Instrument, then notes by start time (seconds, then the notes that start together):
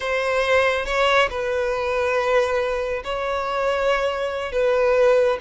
violin
0.00 C5
0.85 C#5
1.30 B4
3.03 C#5
4.52 B4